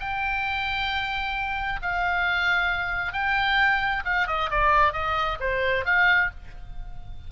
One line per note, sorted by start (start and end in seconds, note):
0.00 1.80 G5
1.82 3.13 F5
3.13 4.04 G5
4.05 4.28 F5
4.28 4.50 D#5
4.51 4.93 D5
4.93 5.38 D#5
5.41 5.86 C5
5.86 6.31 F5